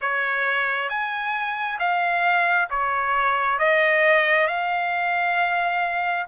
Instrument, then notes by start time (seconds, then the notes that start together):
trumpet
0.01 C#5
0.89 G#5
1.79 F5
2.69 C#5
3.59 D#5
4.47 F5